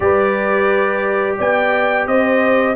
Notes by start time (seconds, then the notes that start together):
0.00 G3 G4 B4 D5
1.37 B3 D5 G5
2.06 C4 C5 D#5